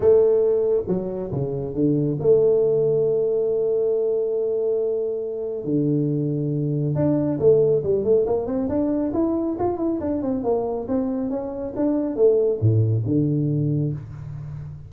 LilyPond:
\new Staff \with { instrumentName = "tuba" } { \time 4/4 \tempo 4 = 138 a2 fis4 cis4 | d4 a2.~ | a1~ | a4 d2. |
d'4 a4 g8 a8 ais8 c'8 | d'4 e'4 f'8 e'8 d'8 c'8 | ais4 c'4 cis'4 d'4 | a4 a,4 d2 | }